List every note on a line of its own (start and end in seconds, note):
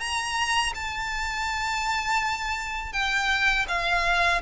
0.00 0.73 A#5
0.75 2.93 A5
2.93 3.66 G5
3.68 4.41 F5